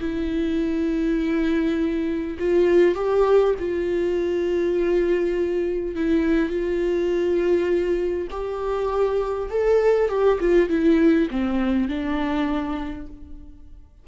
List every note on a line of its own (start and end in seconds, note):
0.00 2.38 E4
2.39 2.95 F4
2.95 3.55 G4
3.59 5.96 F4
5.96 6.50 E4
6.50 8.28 F4
8.31 9.50 G4
9.50 10.09 A4
10.09 10.39 G4
10.40 10.69 F4
10.69 11.29 E4
11.31 11.88 C4
11.88 13.07 D4